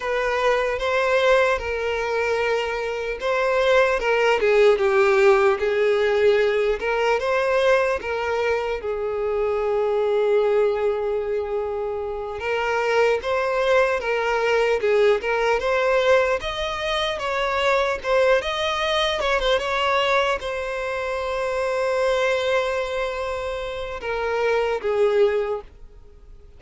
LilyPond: \new Staff \with { instrumentName = "violin" } { \time 4/4 \tempo 4 = 75 b'4 c''4 ais'2 | c''4 ais'8 gis'8 g'4 gis'4~ | gis'8 ais'8 c''4 ais'4 gis'4~ | gis'2.~ gis'8 ais'8~ |
ais'8 c''4 ais'4 gis'8 ais'8 c''8~ | c''8 dis''4 cis''4 c''8 dis''4 | cis''16 c''16 cis''4 c''2~ c''8~ | c''2 ais'4 gis'4 | }